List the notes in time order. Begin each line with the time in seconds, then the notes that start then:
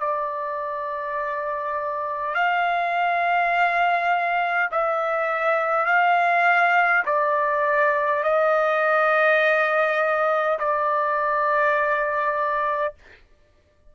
0.00 D5
2.35 F5
4.72 E5
5.86 F5
7.06 D5
8.24 D#5
10.59 D5